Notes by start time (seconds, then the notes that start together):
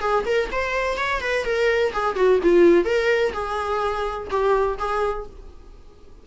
0.00 G#4
0.25 A#4
0.52 C5
0.97 C#5
1.21 B4
1.45 A#4
1.93 G#4
2.16 F#4
2.43 F4
2.85 A#4
3.33 G#4
4.31 G4
4.79 G#4